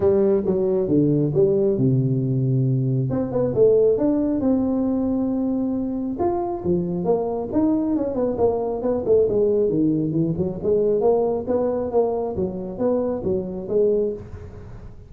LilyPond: \new Staff \with { instrumentName = "tuba" } { \time 4/4 \tempo 4 = 136 g4 fis4 d4 g4 | c2. c'8 b8 | a4 d'4 c'2~ | c'2 f'4 f4 |
ais4 dis'4 cis'8 b8 ais4 | b8 a8 gis4 dis4 e8 fis8 | gis4 ais4 b4 ais4 | fis4 b4 fis4 gis4 | }